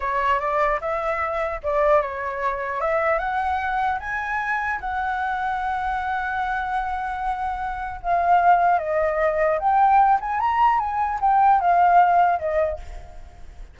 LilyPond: \new Staff \with { instrumentName = "flute" } { \time 4/4 \tempo 4 = 150 cis''4 d''4 e''2 | d''4 cis''2 e''4 | fis''2 gis''2 | fis''1~ |
fis''1 | f''2 dis''2 | g''4. gis''8 ais''4 gis''4 | g''4 f''2 dis''4 | }